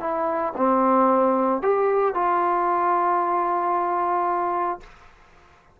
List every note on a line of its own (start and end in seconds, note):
0.00 0.53 E4
0.57 1.62 C4
1.62 2.14 G4
2.14 4.80 F4